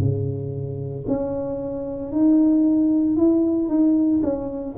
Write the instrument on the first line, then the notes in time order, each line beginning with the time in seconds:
tuba
0.00 C#3
1.07 C#4
2.11 D#4
3.17 E4
3.68 D#4
4.23 C#4